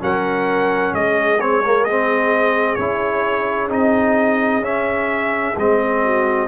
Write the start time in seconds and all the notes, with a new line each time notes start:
0.00 F#3 C#4 A#4 F#5
0.93 G#3 G#4 D#5
1.40 C4 C#5
1.66 A#3
1.84 C4 D#5
2.75 C#4 E4 C#5
3.69 C4 D#4 D#5
4.61 C#4 E5
5.57 G#3 C4 D#5
6.04 F#4